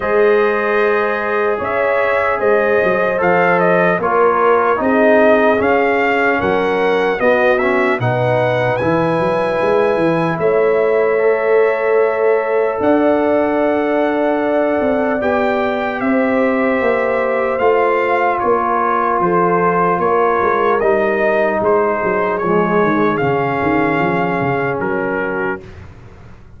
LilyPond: <<
  \new Staff \with { instrumentName = "trumpet" } { \time 4/4 \tempo 4 = 75 dis''2 e''4 dis''4 | f''8 dis''8 cis''4 dis''4 f''4 | fis''4 dis''8 e''8 fis''4 gis''4~ | gis''4 e''2. |
fis''2. g''4 | e''2 f''4 cis''4 | c''4 cis''4 dis''4 c''4 | cis''4 f''2 ais'4 | }
  \new Staff \with { instrumentName = "horn" } { \time 4/4 c''2 cis''4 c''4~ | c''4 ais'4 gis'2 | ais'4 fis'4 b'2~ | b'4 cis''2. |
d''1 | c''2. ais'4 | a'4 ais'2 gis'4~ | gis'2.~ gis'8 fis'8 | }
  \new Staff \with { instrumentName = "trombone" } { \time 4/4 gis'1 | a'4 f'4 dis'4 cis'4~ | cis'4 b8 cis'8 dis'4 e'4~ | e'2 a'2~ |
a'2. g'4~ | g'2 f'2~ | f'2 dis'2 | gis4 cis'2. | }
  \new Staff \with { instrumentName = "tuba" } { \time 4/4 gis2 cis'4 gis8 fis8 | f4 ais4 c'4 cis'4 | fis4 b4 b,4 e8 fis8 | gis8 e8 a2. |
d'2~ d'8 c'8 b4 | c'4 ais4 a4 ais4 | f4 ais8 gis8 g4 gis8 fis8 | f8 dis8 cis8 dis8 f8 cis8 fis4 | }
>>